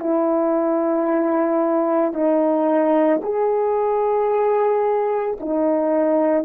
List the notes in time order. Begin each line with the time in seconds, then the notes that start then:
0.00 E4
2.13 D#4
3.23 G#4
5.40 D#4